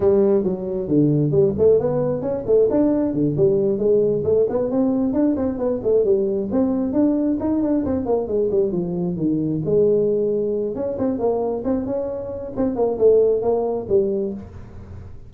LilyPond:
\new Staff \with { instrumentName = "tuba" } { \time 4/4 \tempo 4 = 134 g4 fis4 d4 g8 a8 | b4 cis'8 a8 d'4 d8 g8~ | g8 gis4 a8 b8 c'4 d'8 | c'8 b8 a8 g4 c'4 d'8~ |
d'8 dis'8 d'8 c'8 ais8 gis8 g8 f8~ | f8 dis4 gis2~ gis8 | cis'8 c'8 ais4 c'8 cis'4. | c'8 ais8 a4 ais4 g4 | }